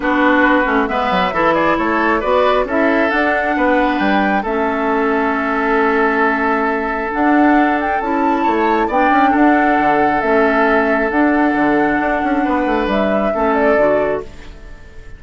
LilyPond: <<
  \new Staff \with { instrumentName = "flute" } { \time 4/4 \tempo 4 = 135 b'2 e''4. d''8 | cis''4 d''4 e''4 fis''4~ | fis''4 g''4 e''2~ | e''1 |
fis''4. g''8 a''2 | g''4 fis''2 e''4~ | e''4 fis''2.~ | fis''4 e''4. d''4. | }
  \new Staff \with { instrumentName = "oboe" } { \time 4/4 fis'2 b'4 a'8 gis'8 | a'4 b'4 a'2 | b'2 a'2~ | a'1~ |
a'2. cis''4 | d''4 a'2.~ | a'1 | b'2 a'2 | }
  \new Staff \with { instrumentName = "clarinet" } { \time 4/4 d'4. cis'8 b4 e'4~ | e'4 fis'4 e'4 d'4~ | d'2 cis'2~ | cis'1 |
d'2 e'2 | d'2. cis'4~ | cis'4 d'2.~ | d'2 cis'4 fis'4 | }
  \new Staff \with { instrumentName = "bassoon" } { \time 4/4 b4. a8 gis8 fis8 e4 | a4 b4 cis'4 d'4 | b4 g4 a2~ | a1 |
d'2 cis'4 a4 | b8 cis'8 d'4 d4 a4~ | a4 d'4 d4 d'8 cis'8 | b8 a8 g4 a4 d4 | }
>>